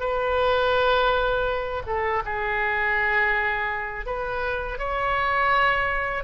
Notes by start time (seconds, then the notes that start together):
0.00 B4
1.86 A4
2.25 G#4
4.06 B4
4.78 C#5